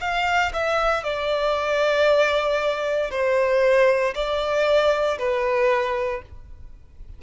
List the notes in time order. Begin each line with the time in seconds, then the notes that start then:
0.00 F5
0.53 E5
1.03 D5
3.10 C5
4.15 D5
5.18 B4